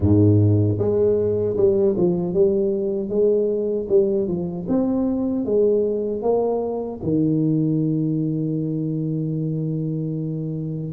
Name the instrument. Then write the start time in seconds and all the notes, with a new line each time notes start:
tuba
0.00 G#2
0.78 G#3
1.56 G3
1.97 F3
2.33 G3
3.09 G#3
3.89 G3
4.27 F3
4.68 C4
5.45 G#3
6.22 A#3
7.02 D#3